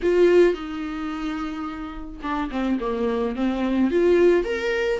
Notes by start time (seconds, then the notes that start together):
0.02 F4
0.54 D#4
2.22 D4
2.51 C4
2.80 A#3
3.35 C4
3.90 F4
4.44 A#4